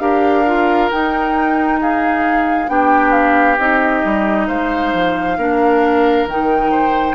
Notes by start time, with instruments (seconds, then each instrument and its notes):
0.00 bassoon D4, clarinet G4, oboe A#4, flute F5
0.47 clarinet F4
0.91 clarinet D#4, bassoon D#4, flute G5
1.81 oboe G#4, flute F5
2.68 bassoon B3, clarinet D4, oboe G4, flute G5
3.12 flute F5
3.58 bassoon C4, clarinet D#4, flute D#5
4.05 bassoon G3
4.48 bassoon G#3, oboe C5, flute F5
4.94 bassoon F3
5.37 bassoon A#3, clarinet D4, oboe A#4
6.26 bassoon D#3, clarinet D#4, flute G5
6.71 oboe C5